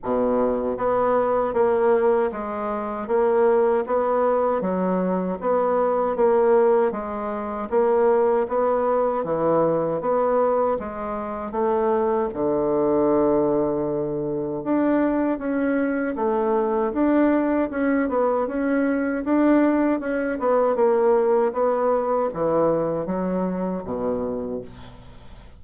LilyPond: \new Staff \with { instrumentName = "bassoon" } { \time 4/4 \tempo 4 = 78 b,4 b4 ais4 gis4 | ais4 b4 fis4 b4 | ais4 gis4 ais4 b4 | e4 b4 gis4 a4 |
d2. d'4 | cis'4 a4 d'4 cis'8 b8 | cis'4 d'4 cis'8 b8 ais4 | b4 e4 fis4 b,4 | }